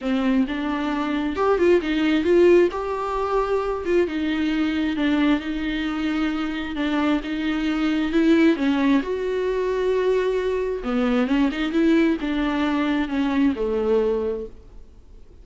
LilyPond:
\new Staff \with { instrumentName = "viola" } { \time 4/4 \tempo 4 = 133 c'4 d'2 g'8 f'8 | dis'4 f'4 g'2~ | g'8 f'8 dis'2 d'4 | dis'2. d'4 |
dis'2 e'4 cis'4 | fis'1 | b4 cis'8 dis'8 e'4 d'4~ | d'4 cis'4 a2 | }